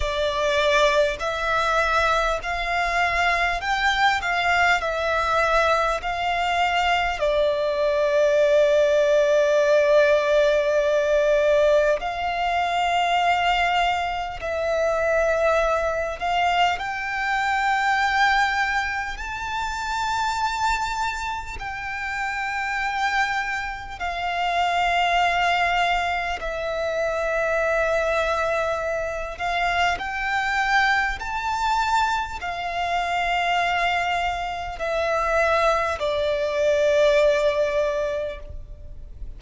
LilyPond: \new Staff \with { instrumentName = "violin" } { \time 4/4 \tempo 4 = 50 d''4 e''4 f''4 g''8 f''8 | e''4 f''4 d''2~ | d''2 f''2 | e''4. f''8 g''2 |
a''2 g''2 | f''2 e''2~ | e''8 f''8 g''4 a''4 f''4~ | f''4 e''4 d''2 | }